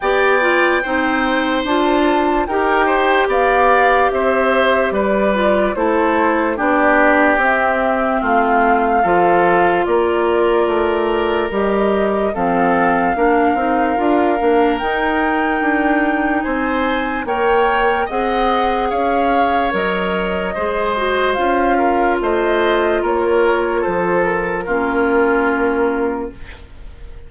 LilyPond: <<
  \new Staff \with { instrumentName = "flute" } { \time 4/4 \tempo 4 = 73 g''2 a''4 g''4 | f''4 e''4 d''4 c''4 | d''4 e''4 f''2 | d''2 dis''4 f''4~ |
f''2 g''2 | gis''4 g''4 fis''4 f''4 | dis''2 f''4 dis''4 | cis''4 c''8 ais'2~ ais'8 | }
  \new Staff \with { instrumentName = "oboe" } { \time 4/4 d''4 c''2 ais'8 c''8 | d''4 c''4 b'4 a'4 | g'2 f'4 a'4 | ais'2. a'4 |
ais'1 | c''4 cis''4 dis''4 cis''4~ | cis''4 c''4. ais'8 c''4 | ais'4 a'4 f'2 | }
  \new Staff \with { instrumentName = "clarinet" } { \time 4/4 g'8 f'8 dis'4 f'4 g'4~ | g'2~ g'8 f'8 e'4 | d'4 c'2 f'4~ | f'2 g'4 c'4 |
d'8 dis'8 f'8 d'8 dis'2~ | dis'4 ais'4 gis'2 | ais'4 gis'8 fis'8 f'2~ | f'2 cis'2 | }
  \new Staff \with { instrumentName = "bassoon" } { \time 4/4 b4 c'4 d'4 dis'4 | b4 c'4 g4 a4 | b4 c'4 a4 f4 | ais4 a4 g4 f4 |
ais8 c'8 d'8 ais8 dis'4 d'4 | c'4 ais4 c'4 cis'4 | fis4 gis4 cis'4 a4 | ais4 f4 ais2 | }
>>